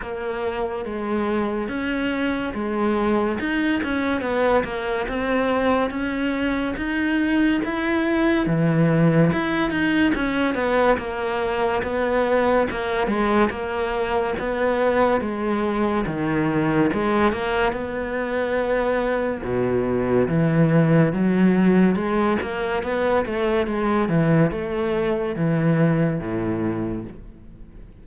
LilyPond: \new Staff \with { instrumentName = "cello" } { \time 4/4 \tempo 4 = 71 ais4 gis4 cis'4 gis4 | dis'8 cis'8 b8 ais8 c'4 cis'4 | dis'4 e'4 e4 e'8 dis'8 | cis'8 b8 ais4 b4 ais8 gis8 |
ais4 b4 gis4 dis4 | gis8 ais8 b2 b,4 | e4 fis4 gis8 ais8 b8 a8 | gis8 e8 a4 e4 a,4 | }